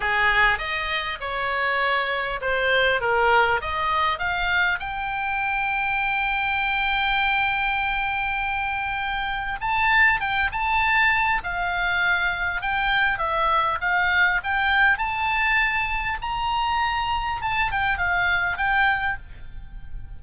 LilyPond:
\new Staff \with { instrumentName = "oboe" } { \time 4/4 \tempo 4 = 100 gis'4 dis''4 cis''2 | c''4 ais'4 dis''4 f''4 | g''1~ | g''1 |
a''4 g''8 a''4. f''4~ | f''4 g''4 e''4 f''4 | g''4 a''2 ais''4~ | ais''4 a''8 g''8 f''4 g''4 | }